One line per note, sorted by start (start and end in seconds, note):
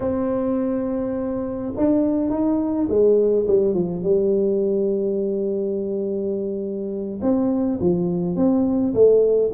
0.00 1.73 C4
1.76 2.30 D4
2.30 2.87 D#4
2.88 3.46 G#3
3.47 3.74 G3
3.74 4.02 F3
4.02 7.20 G3
7.21 7.79 C4
7.80 8.35 F3
8.35 8.93 C4
8.93 9.51 A3